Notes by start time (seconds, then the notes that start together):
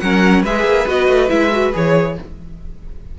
0.00 F#3 C#4 A#4 F#5
0.42 G#3 G#4 B4 E5
0.64 A#3
0.87 B3 F#4 D#5
1.09 A3
1.29 G#3 E4 E5
1.52 F#4
1.73 E3 G#4 C#5